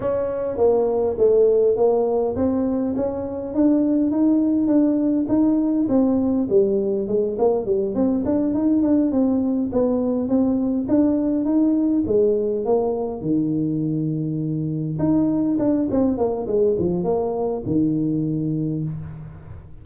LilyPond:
\new Staff \with { instrumentName = "tuba" } { \time 4/4 \tempo 4 = 102 cis'4 ais4 a4 ais4 | c'4 cis'4 d'4 dis'4 | d'4 dis'4 c'4 g4 | gis8 ais8 g8 c'8 d'8 dis'8 d'8 c'8~ |
c'8 b4 c'4 d'4 dis'8~ | dis'8 gis4 ais4 dis4.~ | dis4. dis'4 d'8 c'8 ais8 | gis8 f8 ais4 dis2 | }